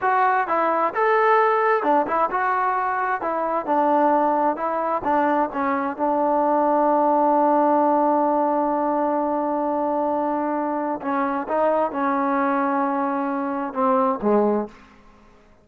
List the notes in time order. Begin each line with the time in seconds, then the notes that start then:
0.01 F#4
0.47 E4
0.94 A4
1.83 D4
2.06 E4
2.30 F#4
3.21 E4
3.65 D4
4.56 E4
5.04 D4
5.52 C#4
5.96 D4
11.01 C#4
11.48 D#4
11.91 C#4
13.73 C4
14.22 G#3